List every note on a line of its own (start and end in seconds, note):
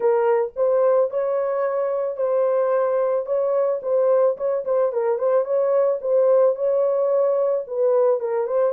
0.00 0.52 A#4
0.56 1.10 C5
1.10 2.16 C#5
2.16 3.26 C5
3.26 3.80 C#5
3.82 4.36 C5
4.37 4.64 C#5
4.65 4.92 C5
4.92 5.18 A#4
5.18 5.44 C5
5.44 5.99 C#5
6.01 6.55 C5
6.55 7.64 C#5
7.67 8.19 B4
8.19 8.46 A#4
8.46 8.72 C5